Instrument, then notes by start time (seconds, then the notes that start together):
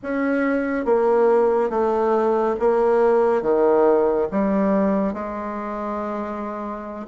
bassoon
0.02 C#4
0.85 A#3
1.69 A3
2.59 A#3
3.41 D#3
4.31 G3
5.13 G#3